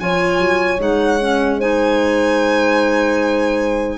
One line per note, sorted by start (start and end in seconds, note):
0.00 0.40 F3
0.00 0.79 F4
0.00 1.59 C#5
0.00 0.80 G#5
0.40 0.79 F#3
0.79 3.98 G#3
0.79 1.19 D#4
0.79 1.61 F#5
1.21 1.61 C#4
1.59 3.98 D#4
1.59 3.98 C5
1.59 3.98 G#5